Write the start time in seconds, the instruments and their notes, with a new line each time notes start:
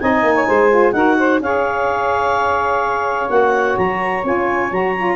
0.00 tuba C4, saxophone D#4 D#5, clarinet G#5
0.23 tuba A#3
0.35 saxophone C#5
0.47 tuba G#3, saxophone C5
0.71 saxophone F4
0.92 tuba D#4, saxophone F#4 A#4, clarinet F#5
1.19 saxophone C5
1.40 tuba C#4, saxophone G#4 C#5, clarinet F5
3.28 tuba A#3, saxophone F#4, clarinet F#5
3.78 tuba F#3, clarinet A#5
4.23 tuba C#4, saxophone F4, clarinet G#5
4.71 tuba F#3, saxophone F#4, clarinet A#5
4.97 saxophone F4